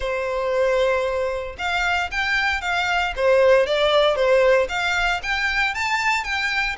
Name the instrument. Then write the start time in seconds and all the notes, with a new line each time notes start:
violin
0.00 C5
1.58 F5
2.11 G5
2.61 F5
3.15 C5
3.66 D5
4.15 C5
4.68 F5
5.22 G5
5.74 A5
6.23 G5